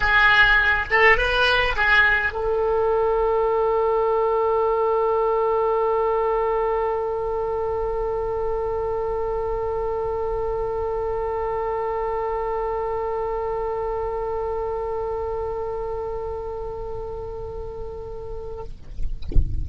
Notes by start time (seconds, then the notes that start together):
0.00 G#4
0.90 A4
1.17 B4
1.76 G#4
2.32 A4